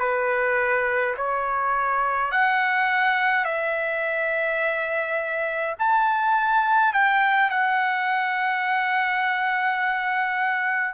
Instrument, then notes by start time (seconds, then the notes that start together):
trumpet
0.00 B4
1.17 C#5
2.32 F#5
3.45 E5
5.80 A5
6.94 G5
7.51 F#5